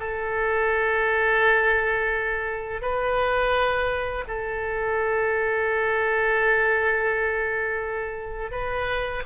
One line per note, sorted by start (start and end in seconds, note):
0.00 2.82 A4
2.82 4.25 B4
4.28 8.52 A4
8.52 9.23 B4